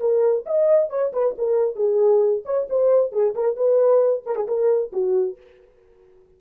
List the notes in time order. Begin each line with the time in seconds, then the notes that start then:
0.00 A#4
0.46 D#5
0.90 C#5
1.13 B4
1.38 A#4
1.76 G#4
2.45 C#5
2.70 C5
3.12 G#4
3.35 A#4
3.57 B4
4.26 A#4
4.36 G#4
4.48 A#4
4.93 F#4